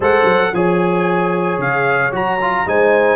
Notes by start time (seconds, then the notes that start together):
0.00 G#3 A4 C5 F#5
0.23 F#3
0.53 F3 G#4 C#5 G#5
1.58 C#3 F5
2.11 F#3 F#4 A#5
2.41 F4
2.66 G#3 D#4 C5 G#5